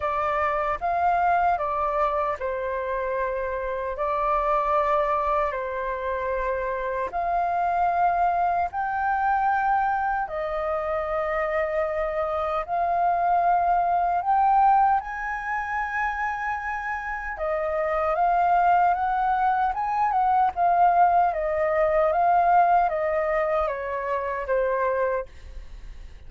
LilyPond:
\new Staff \with { instrumentName = "flute" } { \time 4/4 \tempo 4 = 76 d''4 f''4 d''4 c''4~ | c''4 d''2 c''4~ | c''4 f''2 g''4~ | g''4 dis''2. |
f''2 g''4 gis''4~ | gis''2 dis''4 f''4 | fis''4 gis''8 fis''8 f''4 dis''4 | f''4 dis''4 cis''4 c''4 | }